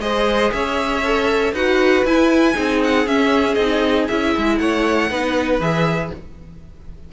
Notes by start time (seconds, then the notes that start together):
0.00 G#3 G#4 C5 D#5
0.52 C#4 C#5 E5
1.04 A4
1.52 D#4 F#4 B4 F#5
2.04 E4 G#5
2.54 C4 D#4 G#4
2.83 F#5
3.06 C#4 E5
3.54 C4 D#4 D#5
4.08 C#4 E4 E5
4.37 G#3
4.58 A3 C#5 F#5
5.10 B3 D#4 B4
5.59 E3 G#4 E5